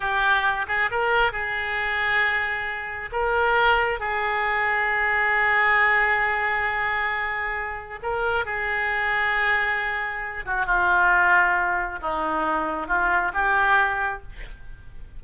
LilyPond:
\new Staff \with { instrumentName = "oboe" } { \time 4/4 \tempo 4 = 135 g'4. gis'8 ais'4 gis'4~ | gis'2. ais'4~ | ais'4 gis'2.~ | gis'1~ |
gis'2 ais'4 gis'4~ | gis'2.~ gis'8 fis'8 | f'2. dis'4~ | dis'4 f'4 g'2 | }